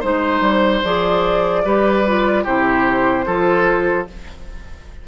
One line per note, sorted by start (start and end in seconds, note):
0.00 0.41 G#3
0.00 0.83 D#4
0.00 1.62 C5
0.00 0.84 C5
0.41 0.81 G3
0.84 1.65 F3
0.84 1.65 G#4
0.84 2.45 D5
1.65 2.46 G3
1.65 2.05 G4
1.65 2.44 B4
2.07 2.45 F4
2.44 3.27 C3
2.44 3.26 E4
2.44 3.25 G4
2.44 4.07 C5
3.26 4.08 F3
3.26 4.07 F4
3.26 4.07 A4